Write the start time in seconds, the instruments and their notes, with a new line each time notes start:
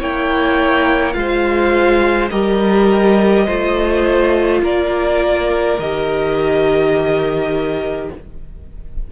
0.00 cello A#3, viola E4, violin C#5 G5
1.13 cello G#3, viola F4, violin C5 F5
2.31 cello G3, viola G4, violin A#4 D#5
3.46 cello A3, viola F4, violin C5
4.63 cello A#3, violin A#4 D5
5.79 cello D#3, viola G4, violin D#5